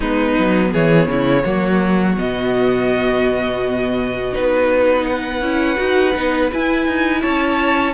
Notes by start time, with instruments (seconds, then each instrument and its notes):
0.00 cello G#3, viola B3, violin D#4 B4
0.38 cello F#3
0.72 cello E3, violin G#4 C#5
1.07 cello C#3, violin E4
1.43 cello F#3, viola A#3, violin F#4
2.16 cello B2, viola B3, violin D#5
4.32 cello B3, viola D#4, violin B4
5.05 violin B4 F#5
5.41 cello C#4, viola E4
5.76 cello D#4, viola F#4
6.14 cello B3, viola D#4
6.51 viola E4, cello E4, violin G#5
6.87 cello D#4
7.21 cello C#4, violin C#5 A5